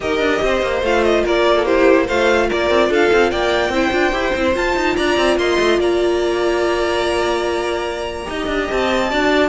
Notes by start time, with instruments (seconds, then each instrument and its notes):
0.00 cello D#4, viola G4, violin A#4 D#5
0.20 cello D4
0.41 cello C4, violin C5
0.62 cello A#3
0.81 cello A3, viola F4, violin F5
1.03 violin D#5
1.23 cello A#3, violin A#4 D5
1.55 violin A4
1.65 viola E4, violin G4 C5
2.06 cello A3, viola F4, violin C5 F5
2.47 cello A#3, violin A#4 D5
2.69 cello C4
2.89 cello D4, violin A4 F5
3.12 cello C4
3.30 cello A#3, violin D5 G5
3.69 cello C4, viola E4, violin C5
3.91 cello D4, viola F4
4.11 cello E4, viola G4
4.35 cello C4, viola E4
4.53 viola F4, cello F4, violin A5
4.76 cello D#4
4.95 cello D4, violin D5 A#5
5.17 cello C4
5.36 cello A#3, violin D#5 C6
5.59 cello A3
5.78 cello A#3, violin D5 A#5
8.23 cello D#4, viola G4, violin D#5
8.46 cello D4
8.70 cello C4, violin A5
9.09 cello D4, viola F#4, violin D5